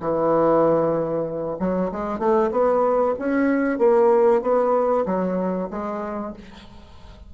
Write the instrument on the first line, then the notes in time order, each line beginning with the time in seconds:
bassoon
0.00 E3
1.59 F#3
1.91 G#3
2.19 A3
2.51 B3
3.19 C#4
3.78 A#3
4.42 B3
5.06 F#3
5.70 G#3